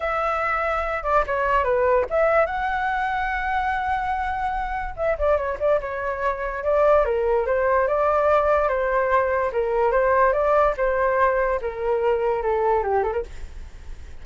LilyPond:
\new Staff \with { instrumentName = "flute" } { \time 4/4 \tempo 4 = 145 e''2~ e''8 d''8 cis''4 | b'4 e''4 fis''2~ | fis''1 | e''8 d''8 cis''8 d''8 cis''2 |
d''4 ais'4 c''4 d''4~ | d''4 c''2 ais'4 | c''4 d''4 c''2 | ais'2 a'4 g'8 a'16 ais'16 | }